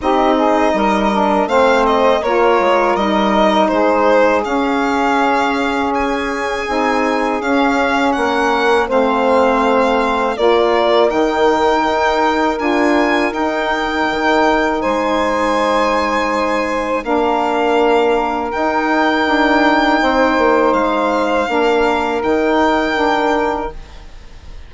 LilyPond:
<<
  \new Staff \with { instrumentName = "violin" } { \time 4/4 \tempo 4 = 81 dis''2 f''8 dis''8 cis''4 | dis''4 c''4 f''2 | gis''2 f''4 fis''4 | f''2 d''4 g''4~ |
g''4 gis''4 g''2 | gis''2. f''4~ | f''4 g''2. | f''2 g''2 | }
  \new Staff \with { instrumentName = "saxophone" } { \time 4/4 g'8 gis'8 ais'4 c''4 ais'4~ | ais'4 gis'2.~ | gis'2. ais'4 | c''2 ais'2~ |
ais'1 | c''2. ais'4~ | ais'2. c''4~ | c''4 ais'2. | }
  \new Staff \with { instrumentName = "saxophone" } { \time 4/4 dis'4. d'8 c'4 f'4 | dis'2 cis'2~ | cis'4 dis'4 cis'2 | c'2 f'4 dis'4~ |
dis'4 f'4 dis'2~ | dis'2. d'4~ | d'4 dis'2.~ | dis'4 d'4 dis'4 d'4 | }
  \new Staff \with { instrumentName = "bassoon" } { \time 4/4 c'4 g4 a4 ais8 gis8 | g4 gis4 cis'2~ | cis'4 c'4 cis'4 ais4 | a2 ais4 dis4 |
dis'4 d'4 dis'4 dis4 | gis2. ais4~ | ais4 dis'4 d'4 c'8 ais8 | gis4 ais4 dis2 | }
>>